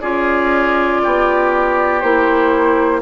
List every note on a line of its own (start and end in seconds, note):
0.00 1.02 C#4
0.00 2.01 F4
0.00 1.01 G#4
0.00 2.00 D5
1.03 2.02 B3
1.03 3.01 G4
2.00 3.01 A#3
2.00 3.01 E4
2.00 3.00 C5